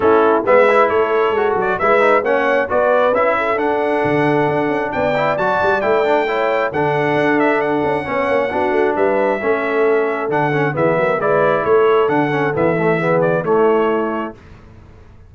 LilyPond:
<<
  \new Staff \with { instrumentName = "trumpet" } { \time 4/4 \tempo 4 = 134 a'4 e''4 cis''4. d''8 | e''4 fis''4 d''4 e''4 | fis''2. g''4 | a''4 g''2 fis''4~ |
fis''8 e''8 fis''2. | e''2. fis''4 | e''4 d''4 cis''4 fis''4 | e''4. d''8 cis''2 | }
  \new Staff \with { instrumentName = "horn" } { \time 4/4 e'4 b'4 a'2 | b'4 cis''4 b'4. a'8~ | a'2. d''4~ | d''2 cis''4 a'4~ |
a'2 cis''4 fis'4 | b'4 a'2. | gis'8 ais'8 b'4 a'2~ | a'4 gis'4 e'2 | }
  \new Staff \with { instrumentName = "trombone" } { \time 4/4 cis'4 b8 e'4. fis'4 | e'8 dis'8 cis'4 fis'4 e'4 | d'2.~ d'8 e'8 | fis'4 e'8 d'8 e'4 d'4~ |
d'2 cis'4 d'4~ | d'4 cis'2 d'8 cis'8 | b4 e'2 d'8 cis'8 | b8 a8 b4 a2 | }
  \new Staff \with { instrumentName = "tuba" } { \time 4/4 a4 gis4 a4 gis8 fis8 | gis4 ais4 b4 cis'4 | d'4 d4 d'8 cis'8 b4 | fis8 g8 a2 d4 |
d'4. cis'8 b8 ais8 b8 a8 | g4 a2 d4 | e8 fis8 gis4 a4 d4 | e2 a2 | }
>>